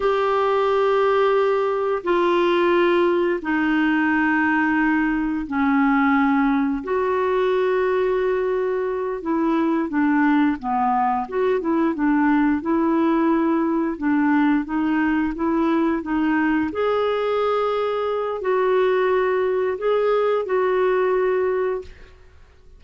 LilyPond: \new Staff \with { instrumentName = "clarinet" } { \time 4/4 \tempo 4 = 88 g'2. f'4~ | f'4 dis'2. | cis'2 fis'2~ | fis'4. e'4 d'4 b8~ |
b8 fis'8 e'8 d'4 e'4.~ | e'8 d'4 dis'4 e'4 dis'8~ | dis'8 gis'2~ gis'8 fis'4~ | fis'4 gis'4 fis'2 | }